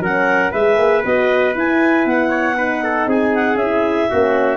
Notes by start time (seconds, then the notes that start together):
0.00 F#3 C#4 A#4 F#5
0.52 G#3 G#4 B4 E5
0.78 A#3
1.04 B3 F#4 D#5
1.55 E4 G#5
2.05 B3 F#5
2.29 C#5
2.56 D#4 B4
2.84 A4
3.07 C4 G#4 G#5
3.35 F#5
3.55 C#4 E5
3.62 E4
4.10 A#3 C#4 F#4